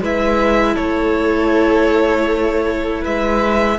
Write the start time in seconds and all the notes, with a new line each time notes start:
0.00 G#3 E4 B4 E5
0.74 A3 A4 C#5
3.01 G#3 B4 E5